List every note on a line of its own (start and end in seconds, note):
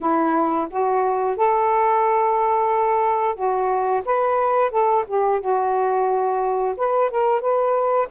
0.01 0.68 E4
0.70 1.37 F#4
1.37 3.35 A4
3.35 4.02 F#4
4.05 4.70 B4
4.70 5.04 A4
5.07 5.40 G4
5.40 6.75 F#4
6.76 7.10 B4
7.10 7.40 A#4
7.40 8.08 B4